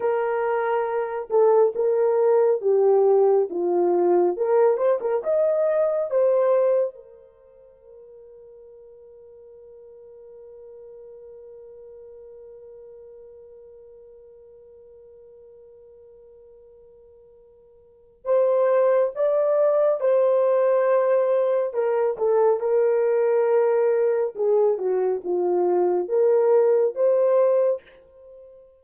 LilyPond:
\new Staff \with { instrumentName = "horn" } { \time 4/4 \tempo 4 = 69 ais'4. a'8 ais'4 g'4 | f'4 ais'8 c''16 ais'16 dis''4 c''4 | ais'1~ | ais'1~ |
ais'1~ | ais'4 c''4 d''4 c''4~ | c''4 ais'8 a'8 ais'2 | gis'8 fis'8 f'4 ais'4 c''4 | }